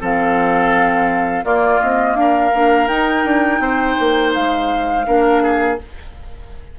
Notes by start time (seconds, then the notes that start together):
0.00 F3 C4 A4 F5
1.44 A#3 F4 D5
1.80 C4 D#5
2.14 D4 A#4 F5
2.54 A#3 D4
2.88 D#4 G5
3.24 D4
3.59 C4 C5
3.99 A#3
4.34 G#3 F5
5.05 A#3 D4 A#4
5.42 G#4